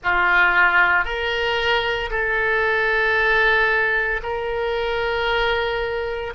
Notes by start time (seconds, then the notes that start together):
0.03 F4
1.04 A#4
2.10 A4
4.22 A#4